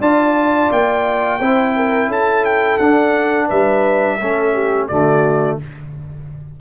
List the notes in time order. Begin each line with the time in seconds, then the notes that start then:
0.00 D4 F4 D5 A5
0.72 A#3 G5
1.40 C4 E4 C5
1.76 A#4
2.07 C#4 A4 A5
2.45 G5
2.78 D4 F#5
3.48 G3 B4 E5
4.20 A3 C#4 A4
4.54 G4
4.88 D3 A3 F#4 D5